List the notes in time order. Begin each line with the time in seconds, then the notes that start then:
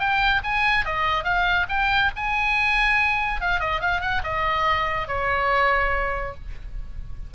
0.00 G5
0.44 G#5
0.86 D#5
1.24 F5
1.69 G5
2.16 G#5
3.41 F5
3.60 D#5
3.81 F5
4.01 F#5
4.24 D#5
5.08 C#5